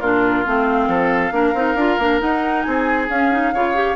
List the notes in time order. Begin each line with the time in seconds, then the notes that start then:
0.00 A#2 D4 F4 A#4
0.45 A3 C4 F5
0.88 F3 A4
1.31 A#3 D4 A#4
1.54 C4 D#4
1.75 D4 F4
1.99 A#3 D4
2.20 D#4 F#5
2.62 C4 G#4 G#5
3.09 C#4 F5
3.31 D#4
3.53 C#3 F4 C#5
3.74 G4